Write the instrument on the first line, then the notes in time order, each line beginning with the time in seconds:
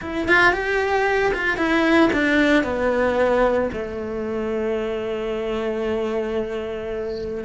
cello
0.01 E4
0.28 F4
0.52 G4
1.33 F4
1.57 E4
2.12 D4
2.63 B3
3.72 A3